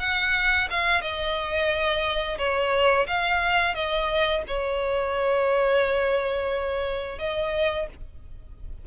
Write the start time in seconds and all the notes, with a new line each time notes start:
0.00 F#5
0.70 F5
1.01 D#5
2.38 C#5
3.07 F5
3.75 D#5
4.48 C#5
7.19 D#5